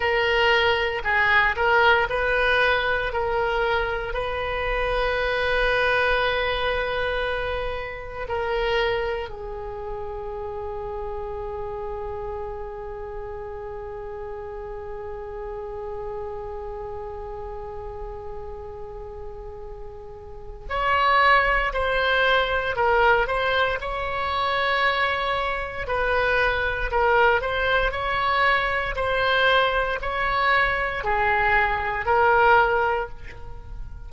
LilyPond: \new Staff \with { instrumentName = "oboe" } { \time 4/4 \tempo 4 = 58 ais'4 gis'8 ais'8 b'4 ais'4 | b'1 | ais'4 gis'2.~ | gis'1~ |
gis'1 | cis''4 c''4 ais'8 c''8 cis''4~ | cis''4 b'4 ais'8 c''8 cis''4 | c''4 cis''4 gis'4 ais'4 | }